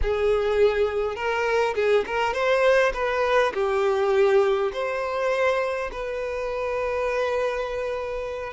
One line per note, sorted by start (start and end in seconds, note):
0.02 1.15 G#4
1.15 1.74 A#4
1.75 2.04 G#4
2.06 2.33 A#4
2.33 2.92 C5
2.93 3.52 B4
3.53 4.71 G4
4.72 5.90 C5
5.91 8.53 B4